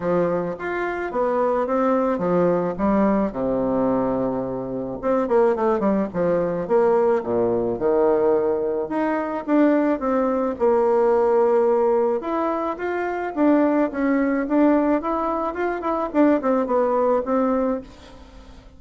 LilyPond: \new Staff \with { instrumentName = "bassoon" } { \time 4/4 \tempo 4 = 108 f4 f'4 b4 c'4 | f4 g4 c2~ | c4 c'8 ais8 a8 g8 f4 | ais4 ais,4 dis2 |
dis'4 d'4 c'4 ais4~ | ais2 e'4 f'4 | d'4 cis'4 d'4 e'4 | f'8 e'8 d'8 c'8 b4 c'4 | }